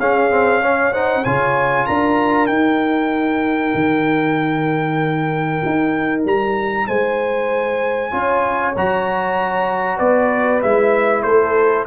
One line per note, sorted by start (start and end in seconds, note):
0.00 1.25 C#4
0.00 0.31 C#4
0.00 0.62 G#4
0.00 0.93 F5
0.31 0.62 C4
0.62 0.93 C#4
0.62 0.92 C#5
0.92 1.25 D#4
0.92 1.24 C5
0.92 1.25 F#5
1.24 1.89 C#3
1.24 2.50 F4
1.24 1.86 C#5
1.24 1.86 G#5
1.86 2.48 D4
1.86 6.87 A#4
1.86 2.47 A#5
2.47 3.73 D#4
2.47 8.11 D#4
2.47 6.22 G5
3.75 5.62 D#3
5.65 6.25 D#4
6.25 6.87 G3
6.25 6.87 A#5
6.87 8.13 G#3
6.87 8.11 C5
6.87 8.75 G#5
8.11 8.76 C#4
8.11 8.74 F4
8.11 9.97 C#5
8.76 10.00 F#3
8.76 10.63 F#4
8.76 9.99 A#5
9.97 10.62 B3
9.97 11.22 B4
9.97 10.61 D5
10.62 11.24 G#3
10.62 11.87 E4
10.62 11.23 E5
11.23 11.86 A3
11.23 11.87 A4
11.23 11.85 C5